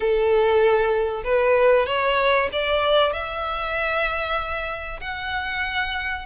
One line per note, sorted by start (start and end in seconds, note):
0.00 1.23 A4
1.24 1.86 B4
1.86 2.49 C#5
2.52 3.12 D5
3.12 5.00 E5
5.00 6.25 F#5